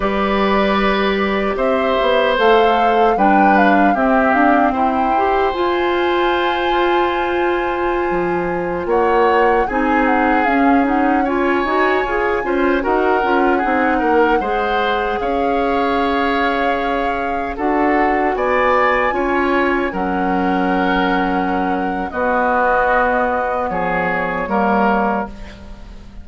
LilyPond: <<
  \new Staff \with { instrumentName = "flute" } { \time 4/4 \tempo 4 = 76 d''2 e''4 f''4 | g''8 f''8 e''8 f''8 g''4 gis''4~ | gis''2.~ gis''16 fis''8.~ | fis''16 gis''8 fis''8 f''8 fis''8 gis''4.~ gis''16~ |
gis''16 fis''2. f''8.~ | f''2~ f''16 fis''4 gis''8.~ | gis''4~ gis''16 fis''2~ fis''8. | dis''2 cis''2 | }
  \new Staff \with { instrumentName = "oboe" } { \time 4/4 b'2 c''2 | b'4 g'4 c''2~ | c''2.~ c''16 cis''8.~ | cis''16 gis'2 cis''4. c''16~ |
c''16 ais'4 gis'8 ais'8 c''4 cis''8.~ | cis''2~ cis''16 a'4 d''8.~ | d''16 cis''4 ais'2~ ais'8. | fis'2 gis'4 ais'4 | }
  \new Staff \with { instrumentName = "clarinet" } { \time 4/4 g'2. a'4 | d'4 c'4. g'8 f'4~ | f'1~ | f'16 dis'4 cis'8 dis'8 f'8 fis'8 gis'8 f'16~ |
f'16 fis'8 f'8 dis'4 gis'4.~ gis'16~ | gis'2~ gis'16 fis'4.~ fis'16~ | fis'16 f'4 cis'2~ cis'8. | b2. ais4 | }
  \new Staff \with { instrumentName = "bassoon" } { \time 4/4 g2 c'8 b8 a4 | g4 c'8 d'8 e'4 f'4~ | f'2~ f'16 f4 ais8.~ | ais16 c'4 cis'4. dis'8 f'8 cis'16~ |
cis'16 dis'8 cis'8 c'8 ais8 gis4 cis'8.~ | cis'2~ cis'16 d'4 b8.~ | b16 cis'4 fis2~ fis8. | b2 f4 g4 | }
>>